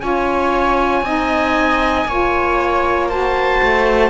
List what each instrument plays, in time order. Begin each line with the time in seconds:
0.00 cello C#4, saxophone F4, viola C#5, oboe G#5
1.02 cello C4, saxophone D#4, viola D#5
2.06 cello A#3, saxophone F4, viola C#5
3.09 saxophone F#4, viola C5, oboe A5
3.63 cello A3